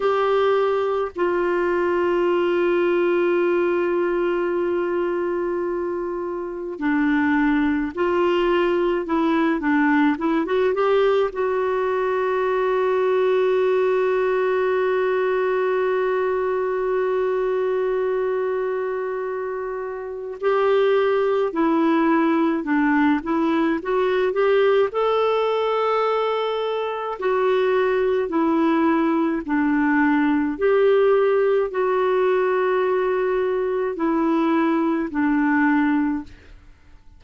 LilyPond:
\new Staff \with { instrumentName = "clarinet" } { \time 4/4 \tempo 4 = 53 g'4 f'2.~ | f'2 d'4 f'4 | e'8 d'8 e'16 fis'16 g'8 fis'2~ | fis'1~ |
fis'2 g'4 e'4 | d'8 e'8 fis'8 g'8 a'2 | fis'4 e'4 d'4 g'4 | fis'2 e'4 d'4 | }